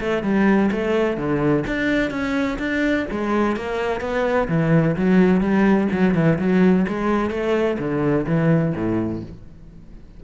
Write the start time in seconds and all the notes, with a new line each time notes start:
0.00 A3
0.23 G3
0.71 A3
1.17 D3
1.67 D4
2.10 C#4
2.59 D4
3.11 G#3
3.56 A#3
4.01 B3
4.48 E3
4.96 F#3
5.41 G3
5.92 F#3
6.14 E3
6.38 F#3
6.88 G#3
7.30 A3
7.78 D3
8.26 E3
8.75 A2